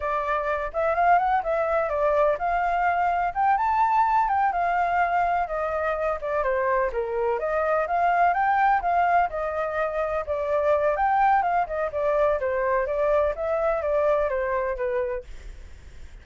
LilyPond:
\new Staff \with { instrumentName = "flute" } { \time 4/4 \tempo 4 = 126 d''4. e''8 f''8 fis''8 e''4 | d''4 f''2 g''8 a''8~ | a''4 g''8 f''2 dis''8~ | dis''4 d''8 c''4 ais'4 dis''8~ |
dis''8 f''4 g''4 f''4 dis''8~ | dis''4. d''4. g''4 | f''8 dis''8 d''4 c''4 d''4 | e''4 d''4 c''4 b'4 | }